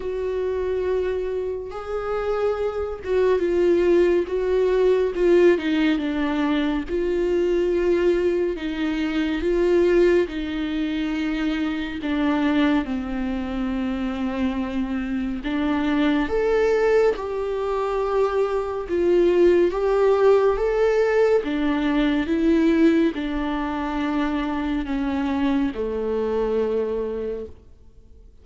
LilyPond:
\new Staff \with { instrumentName = "viola" } { \time 4/4 \tempo 4 = 70 fis'2 gis'4. fis'8 | f'4 fis'4 f'8 dis'8 d'4 | f'2 dis'4 f'4 | dis'2 d'4 c'4~ |
c'2 d'4 a'4 | g'2 f'4 g'4 | a'4 d'4 e'4 d'4~ | d'4 cis'4 a2 | }